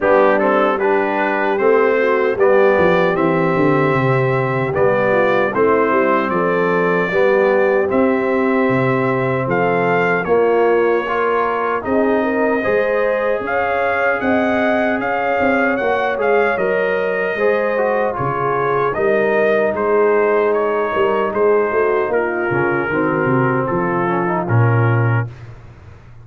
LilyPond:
<<
  \new Staff \with { instrumentName = "trumpet" } { \time 4/4 \tempo 4 = 76 g'8 a'8 b'4 c''4 d''4 | e''2 d''4 c''4 | d''2 e''2 | f''4 cis''2 dis''4~ |
dis''4 f''4 fis''4 f''4 | fis''8 f''8 dis''2 cis''4 | dis''4 c''4 cis''4 c''4 | ais'2 a'4 ais'4 | }
  \new Staff \with { instrumentName = "horn" } { \time 4/4 d'4 g'4. fis'8 g'4~ | g'2~ g'8 f'8 e'4 | a'4 g'2. | a'4 f'4 ais'4 gis'8 ais'8 |
c''4 cis''4 dis''4 cis''4~ | cis''2 c''4 gis'4 | ais'4 gis'4. ais'8 gis'8 fis'8 | f'4 fis'4 f'2 | }
  \new Staff \with { instrumentName = "trombone" } { \time 4/4 b8 c'8 d'4 c'4 b4 | c'2 b4 c'4~ | c'4 b4 c'2~ | c'4 ais4 f'4 dis'4 |
gis'1 | fis'8 gis'8 ais'4 gis'8 fis'8 f'4 | dis'1~ | dis'8 cis'8 c'4. cis'16 dis'16 cis'4 | }
  \new Staff \with { instrumentName = "tuba" } { \time 4/4 g2 a4 g8 f8 | e8 d8 c4 g4 a8 g8 | f4 g4 c'4 c4 | f4 ais2 c'4 |
gis4 cis'4 c'4 cis'8 c'8 | ais8 gis8 fis4 gis4 cis4 | g4 gis4. g8 gis8 a8 | ais8 cis8 dis8 c8 f4 ais,4 | }
>>